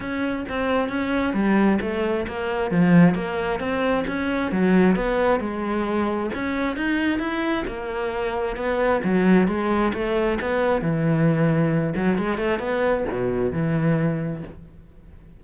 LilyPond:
\new Staff \with { instrumentName = "cello" } { \time 4/4 \tempo 4 = 133 cis'4 c'4 cis'4 g4 | a4 ais4 f4 ais4 | c'4 cis'4 fis4 b4 | gis2 cis'4 dis'4 |
e'4 ais2 b4 | fis4 gis4 a4 b4 | e2~ e8 fis8 gis8 a8 | b4 b,4 e2 | }